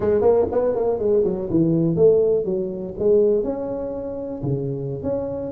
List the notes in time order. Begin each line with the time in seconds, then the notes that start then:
0.00 G#3
0.21 A#3
0.51 B3
0.75 A#3
0.98 G#3
1.24 F#3
1.50 E3
1.96 A3
2.44 F#3
2.98 G#3
3.43 C#4
4.42 C#3
5.02 C#4